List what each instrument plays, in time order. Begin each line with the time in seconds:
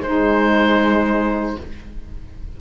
0.00 cello G#3, horn G#3, saxophone D#4, oboe C5